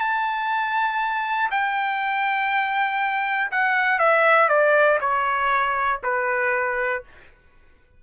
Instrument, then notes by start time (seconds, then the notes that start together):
trumpet
0.00 A5
1.50 G5
3.51 F#5
3.98 E5
4.49 D5
5.00 C#5
6.03 B4